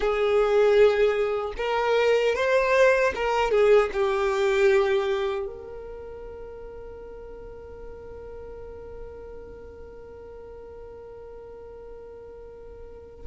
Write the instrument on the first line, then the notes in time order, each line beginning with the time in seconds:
violin
0.00 G#4
1.57 A#4
2.35 C5
3.15 A#4
3.51 G#4
3.92 G4
5.46 A#4